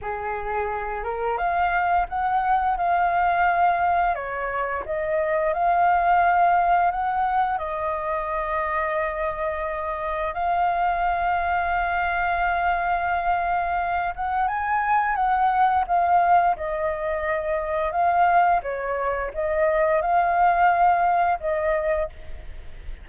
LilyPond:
\new Staff \with { instrumentName = "flute" } { \time 4/4 \tempo 4 = 87 gis'4. ais'8 f''4 fis''4 | f''2 cis''4 dis''4 | f''2 fis''4 dis''4~ | dis''2. f''4~ |
f''1~ | f''8 fis''8 gis''4 fis''4 f''4 | dis''2 f''4 cis''4 | dis''4 f''2 dis''4 | }